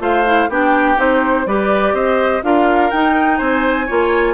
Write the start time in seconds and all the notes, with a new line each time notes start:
0.00 A3 F4 C5 F5
0.26 E4
0.49 B3 D4 G4 G5
0.97 C4 D#4 C5
1.47 G3 G4 B4 D5
1.93 C4 C5 D#5
2.43 D4 F4 A#4 F5
2.91 D#4 G5
3.38 C4 C5 G#5
3.86 A#3 F4 C#5